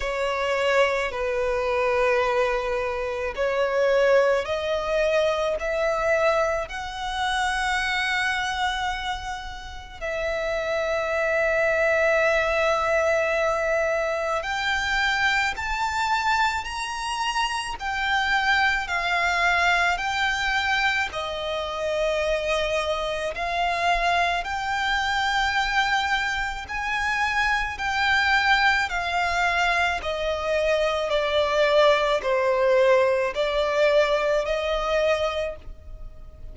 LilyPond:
\new Staff \with { instrumentName = "violin" } { \time 4/4 \tempo 4 = 54 cis''4 b'2 cis''4 | dis''4 e''4 fis''2~ | fis''4 e''2.~ | e''4 g''4 a''4 ais''4 |
g''4 f''4 g''4 dis''4~ | dis''4 f''4 g''2 | gis''4 g''4 f''4 dis''4 | d''4 c''4 d''4 dis''4 | }